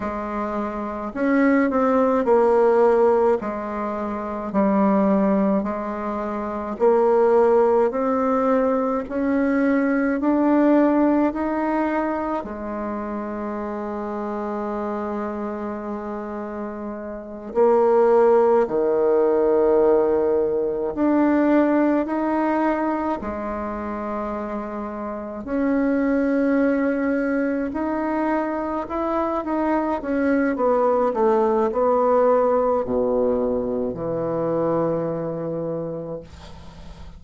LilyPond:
\new Staff \with { instrumentName = "bassoon" } { \time 4/4 \tempo 4 = 53 gis4 cis'8 c'8 ais4 gis4 | g4 gis4 ais4 c'4 | cis'4 d'4 dis'4 gis4~ | gis2.~ gis8 ais8~ |
ais8 dis2 d'4 dis'8~ | dis'8 gis2 cis'4.~ | cis'8 dis'4 e'8 dis'8 cis'8 b8 a8 | b4 b,4 e2 | }